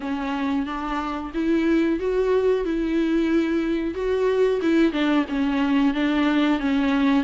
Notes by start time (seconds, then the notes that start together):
0.00 C#4
0.66 D4
1.34 E4
1.99 F#4
2.65 E4
3.94 F#4
4.61 E4
4.92 D4
5.28 C#4
5.93 D4
6.59 C#4